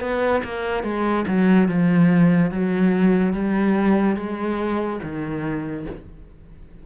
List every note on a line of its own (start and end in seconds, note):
0.00 0.42 B3
0.44 0.83 A#3
0.83 1.25 G#3
1.27 1.68 F#3
1.68 2.50 F3
2.50 3.33 F#3
3.33 4.16 G3
4.16 4.99 G#3
5.02 5.86 D#3